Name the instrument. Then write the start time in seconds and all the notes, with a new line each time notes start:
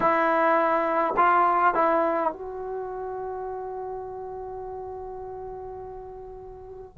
trombone
0.00 E4
1.16 F4
1.74 E4
2.32 F#4